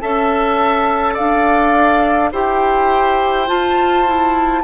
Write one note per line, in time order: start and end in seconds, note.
0.00 1.18 C#4
0.00 2.31 A4
0.00 1.14 E5
0.00 1.15 A5
1.14 2.32 D4
1.14 2.29 D5
1.14 2.31 F5
2.31 3.48 E4
2.31 3.47 G4
2.31 4.62 C5
2.31 3.48 G5
3.47 4.05 F4
3.47 4.63 F4
3.47 4.63 A5
4.06 4.63 E4